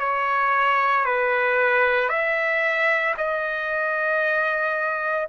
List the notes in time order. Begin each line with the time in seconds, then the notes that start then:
0.00 C#5
1.05 B4
2.10 E5
3.18 D#5